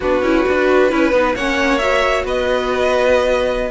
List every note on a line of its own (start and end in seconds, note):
0.00 0.21 B3
0.00 0.23 D4
0.00 0.90 F#4
0.00 1.35 B4
0.21 0.44 C#4
0.21 0.46 E4
0.47 0.91 D4
0.47 0.90 F#4
0.90 1.12 C#4
0.90 1.12 E4
0.90 1.35 B4
1.12 1.34 B3
1.12 1.36 D#4
1.35 2.24 A#3
1.35 1.79 C#4
1.35 2.25 C#5
1.35 1.78 F#5
1.78 3.71 F#4
1.78 2.23 E5
2.24 3.71 B3
2.24 3.71 B4
2.24 3.71 D#5